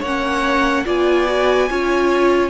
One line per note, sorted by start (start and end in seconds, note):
0.00 0.85 A#3
0.00 0.85 C#4
0.00 0.83 C#5
0.00 0.86 F#5
0.85 1.70 B3
0.85 1.27 F4
0.85 1.69 D5
0.85 2.50 G#5
1.27 1.68 F#4
1.70 2.50 C#4
1.70 2.50 F4
1.70 2.50 C#5